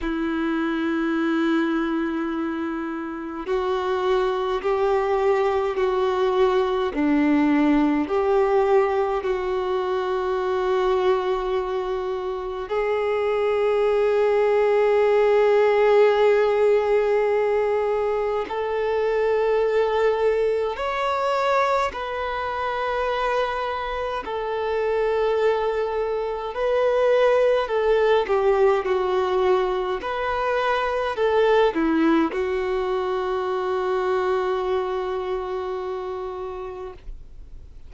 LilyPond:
\new Staff \with { instrumentName = "violin" } { \time 4/4 \tempo 4 = 52 e'2. fis'4 | g'4 fis'4 d'4 g'4 | fis'2. gis'4~ | gis'1 |
a'2 cis''4 b'4~ | b'4 a'2 b'4 | a'8 g'8 fis'4 b'4 a'8 e'8 | fis'1 | }